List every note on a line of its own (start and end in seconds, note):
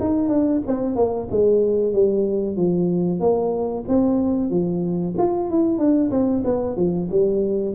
0.00 0.29 D#4
0.29 0.61 D4
0.67 0.96 C4
0.96 1.28 A#3
1.31 1.93 G#3
1.93 2.57 G3
2.57 3.20 F3
3.20 3.84 A#3
3.88 4.50 C4
4.50 5.15 F3
5.18 5.50 F4
5.50 5.78 E4
5.78 6.11 D4
6.11 6.43 C4
6.44 6.76 B3
6.76 7.09 F3
7.11 7.75 G3